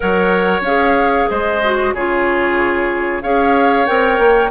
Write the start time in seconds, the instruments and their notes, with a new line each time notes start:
0.00 bassoon F#3, clarinet A#4, oboe C#5, flute F#5
0.60 bassoon C#4, clarinet G#4, flute F5
1.29 bassoon G#3, oboe C5, flute D#5
1.63 clarinet F#4
1.93 bassoon C#3, clarinet F4, oboe G#4, flute C#5
3.22 bassoon C#4, clarinet G#4, oboe C#5, flute F5
3.85 bassoon C4, clarinet A#4, flute G5
4.19 bassoon A#3